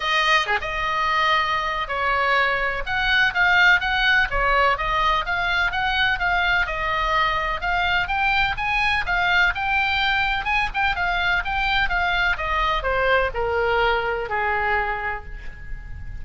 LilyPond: \new Staff \with { instrumentName = "oboe" } { \time 4/4 \tempo 4 = 126 dis''4 gis'16 dis''2~ dis''8. | cis''2 fis''4 f''4 | fis''4 cis''4 dis''4 f''4 | fis''4 f''4 dis''2 |
f''4 g''4 gis''4 f''4 | g''2 gis''8 g''8 f''4 | g''4 f''4 dis''4 c''4 | ais'2 gis'2 | }